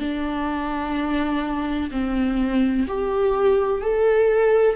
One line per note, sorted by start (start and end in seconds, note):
0.00 1.90 D4
1.91 2.86 C4
2.87 3.81 G4
3.81 4.76 A4